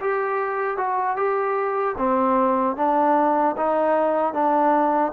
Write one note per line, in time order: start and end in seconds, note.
0.00 0.77 G4
0.77 1.16 F#4
1.16 1.95 G4
1.97 2.76 C4
2.76 3.55 D4
3.57 4.33 D#4
4.33 5.12 D4